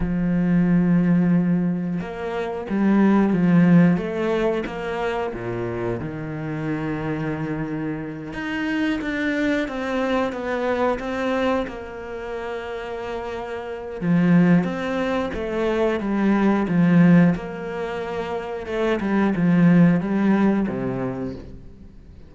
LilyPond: \new Staff \with { instrumentName = "cello" } { \time 4/4 \tempo 4 = 90 f2. ais4 | g4 f4 a4 ais4 | ais,4 dis2.~ | dis8 dis'4 d'4 c'4 b8~ |
b8 c'4 ais2~ ais8~ | ais4 f4 c'4 a4 | g4 f4 ais2 | a8 g8 f4 g4 c4 | }